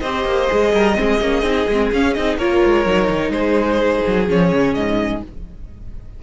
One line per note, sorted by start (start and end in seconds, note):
0.00 0.25 C4
0.00 0.50 G4
0.00 0.72 C5
0.00 1.89 D#5
0.25 0.49 A#3
0.50 0.73 G#3
0.50 0.95 G#4
0.73 0.97 G3
0.73 0.98 A#4
0.95 1.21 G#3
0.95 1.19 C4
0.95 2.38 G#4
1.21 1.43 A#3
1.21 1.43 C#4
1.43 1.66 C4
1.43 1.67 D#4
1.68 1.92 G#3
1.68 1.94 C4
1.92 2.16 C#4
1.92 2.17 C#4
1.92 2.14 F5
2.14 2.38 C4
2.14 2.40 D#4
2.14 2.37 D#5
2.38 2.61 A#3
2.38 2.87 F4
2.38 3.33 A#4
2.38 3.31 C#5
2.66 2.86 G#3
2.86 3.10 F#3
2.86 4.27 D#4
3.11 3.30 D#3
3.30 4.01 G#3
3.30 5.23 G#4
3.30 4.26 C5
4.07 4.29 F#3
4.27 4.53 F3
4.27 5.21 C#4
4.27 4.75 C#5
4.54 4.76 C#3
4.75 5.23 G#2
4.75 5.22 D#5